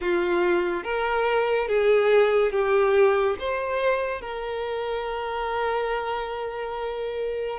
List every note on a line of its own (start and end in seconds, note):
0.00 0.83 F4
0.83 1.67 A#4
1.67 2.51 G#4
2.51 3.36 G4
3.39 4.21 C5
4.21 7.59 A#4